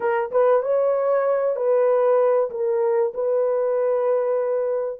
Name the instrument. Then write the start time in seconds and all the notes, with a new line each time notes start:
horn
0.00 A#4
0.31 B4
0.62 C#5
1.56 B4
2.50 A#4
3.14 B4